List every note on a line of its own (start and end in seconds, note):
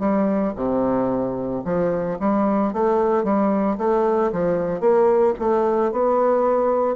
0.00 0.54 G3
0.56 1.63 C3
1.65 2.19 F3
2.20 2.73 G3
2.73 3.24 A3
3.24 3.78 G3
3.78 4.31 A3
4.32 4.81 F3
4.81 5.34 A#3
5.39 5.92 A3
5.92 6.96 B3